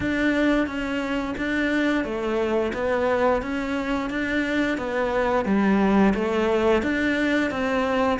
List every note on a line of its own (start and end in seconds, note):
0.00 0.66 D4
0.66 1.35 C#4
1.37 2.04 D4
2.04 2.72 A3
2.73 3.42 B3
3.42 4.10 C#4
4.10 4.77 D4
4.77 5.45 B3
5.45 6.13 G3
6.14 6.82 A3
6.82 7.50 D4
7.50 8.18 C4